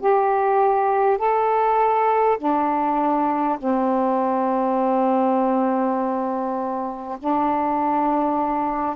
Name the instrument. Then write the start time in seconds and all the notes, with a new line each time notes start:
saxophone
0.00 G4
1.18 A4
2.38 D4
3.59 C4
7.19 D4